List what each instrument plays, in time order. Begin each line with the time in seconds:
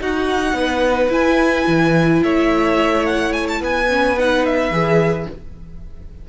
0.00 viola D#4, cello D#4, violin F#4 F#5
0.53 cello B3, violin B4
1.09 cello E4, viola E4, violin G#5
1.67 cello E3
2.23 cello A3, violin C#5 E5
3.06 violin F#5
3.33 violin G#5
3.48 violin A5
3.60 cello B3, violin B4 G#5
3.88 viola C#4
4.18 viola D#4, violin F#5
4.46 violin E5
4.71 cello E3, viola G#4